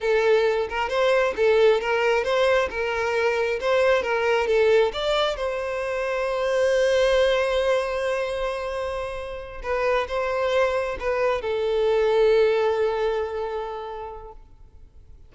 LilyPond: \new Staff \with { instrumentName = "violin" } { \time 4/4 \tempo 4 = 134 a'4. ais'8 c''4 a'4 | ais'4 c''4 ais'2 | c''4 ais'4 a'4 d''4 | c''1~ |
c''1~ | c''4. b'4 c''4.~ | c''8 b'4 a'2~ a'8~ | a'1 | }